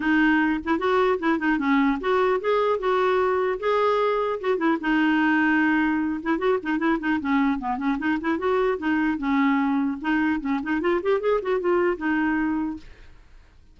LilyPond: \new Staff \with { instrumentName = "clarinet" } { \time 4/4 \tempo 4 = 150 dis'4. e'8 fis'4 e'8 dis'8 | cis'4 fis'4 gis'4 fis'4~ | fis'4 gis'2 fis'8 e'8 | dis'2.~ dis'8 e'8 |
fis'8 dis'8 e'8 dis'8 cis'4 b8 cis'8 | dis'8 e'8 fis'4 dis'4 cis'4~ | cis'4 dis'4 cis'8 dis'8 f'8 g'8 | gis'8 fis'8 f'4 dis'2 | }